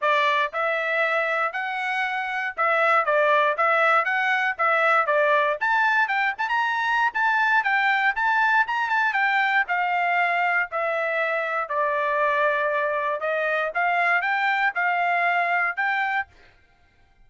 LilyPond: \new Staff \with { instrumentName = "trumpet" } { \time 4/4 \tempo 4 = 118 d''4 e''2 fis''4~ | fis''4 e''4 d''4 e''4 | fis''4 e''4 d''4 a''4 | g''8 a''16 ais''4~ ais''16 a''4 g''4 |
a''4 ais''8 a''8 g''4 f''4~ | f''4 e''2 d''4~ | d''2 dis''4 f''4 | g''4 f''2 g''4 | }